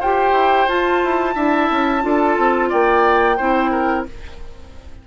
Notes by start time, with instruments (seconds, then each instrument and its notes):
0.00 bassoon F4, clarinet G4, oboe C5, flute G5
0.32 bassoon E4
0.69 clarinet F4, bassoon F4, flute A5
1.04 bassoon E4
1.35 bassoon D4, clarinet E4, oboe E5
1.71 bassoon C#4
2.02 bassoon D4, clarinet F4, oboe A4
2.38 bassoon C4
2.70 bassoon A#3, oboe D5, flute G5
3.37 bassoon C4, clarinet E4, oboe C5
3.72 oboe A#4